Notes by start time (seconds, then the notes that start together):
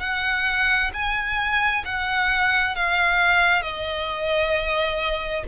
0.00 F#5
0.93 G#5
1.85 F#5
2.75 F5
3.62 D#5